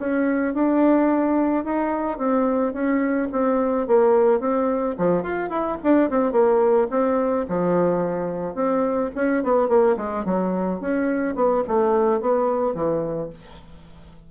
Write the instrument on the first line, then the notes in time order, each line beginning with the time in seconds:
bassoon
0.00 C#4
0.54 D4
1.65 D#4
2.18 C4
2.73 C#4
3.33 C4
3.87 A#3
4.40 C4
4.98 F3
5.23 F4
5.50 E4
5.84 D4
6.11 C4
6.32 A#3
6.91 C4
7.49 F3
8.55 C4
9.16 C#4
9.43 B3
9.69 A#3
9.97 G#3
10.25 F#3
10.81 C#4
11.36 B3
11.68 A3
12.21 B3
12.75 E3